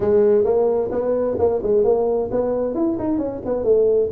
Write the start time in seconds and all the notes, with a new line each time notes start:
0.00 G#3
0.44 A#3
0.91 B3
1.38 A#3
1.62 G#3
1.84 A#3
2.31 B3
2.74 E4
2.98 D#4
3.18 C#4
3.45 B3
3.63 A3